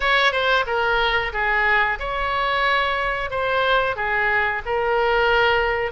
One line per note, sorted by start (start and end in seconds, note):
0.00 0.31 C#5
0.31 0.64 C5
0.66 1.32 A#4
1.32 1.98 G#4
1.99 3.30 C#5
3.30 3.96 C5
3.96 4.62 G#4
4.65 5.91 A#4